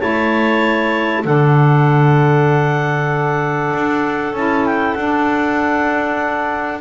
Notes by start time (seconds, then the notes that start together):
0.00 A3 E4 C#5 A5
1.24 D3 D4 A4 F#5
3.74 D4
4.33 C#4 E4 A5
4.66 G5
4.95 D4 F#5